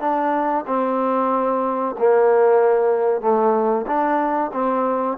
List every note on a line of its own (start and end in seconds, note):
0.00 0.65 D4
0.67 1.96 C4
1.98 3.21 A#3
3.21 3.86 A3
3.87 4.51 D4
4.53 5.17 C4